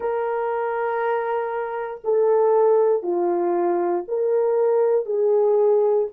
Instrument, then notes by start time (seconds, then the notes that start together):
horn
0.00 A#4
2.03 A4
3.02 F4
4.07 A#4
5.05 G#4